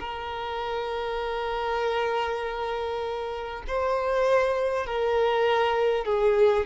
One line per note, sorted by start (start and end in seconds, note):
0.00 3.64 A#4
3.68 4.87 C5
4.87 6.05 A#4
6.05 6.66 G#4